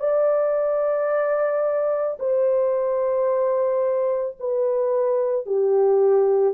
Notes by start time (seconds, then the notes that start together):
0.00 D5
2.20 C5
4.40 B4
5.46 G4